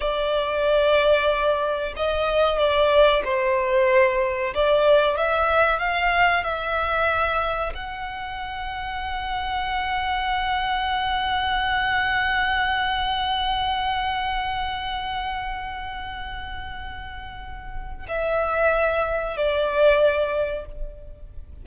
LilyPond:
\new Staff \with { instrumentName = "violin" } { \time 4/4 \tempo 4 = 93 d''2. dis''4 | d''4 c''2 d''4 | e''4 f''4 e''2 | fis''1~ |
fis''1~ | fis''1~ | fis''1 | e''2 d''2 | }